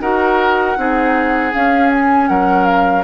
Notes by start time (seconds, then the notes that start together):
0.00 D#4 F#4 A#4 F#5
0.77 C4 D#4 G#4
1.53 C#4 F5
1.92 G#5
2.28 F#3 A#4 F#5
2.65 F5